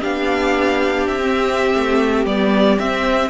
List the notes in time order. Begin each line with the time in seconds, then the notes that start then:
0.00 B3 D4 G4 F5
1.07 C4 E5
1.22 C4
1.75 A3
2.25 G3 B3 D5
2.78 C4 E5